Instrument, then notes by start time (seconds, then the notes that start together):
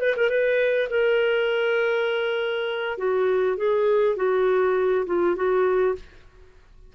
clarinet
0.00 B4
0.16 A#4
0.29 B4
0.90 A#4
2.97 F#4
3.56 G#4
4.16 F#4
5.06 F4
5.35 F#4